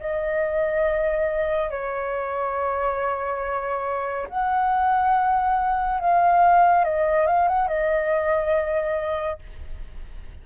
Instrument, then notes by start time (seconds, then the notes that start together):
flute
0.00 D#5
1.71 C#5
4.30 F#5
6.01 F5
6.85 D#5
7.27 F5
7.48 F#5
7.68 D#5